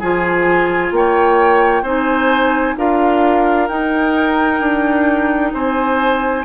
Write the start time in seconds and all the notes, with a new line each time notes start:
0.00 F3 F4 G#4 G#5
0.92 A#3 C#5 G5
1.82 C4 D#4 C5 G#5
2.77 D4 F4 A#4 F5
3.68 D#4 G5
4.60 D4
5.53 C4 C5 G#5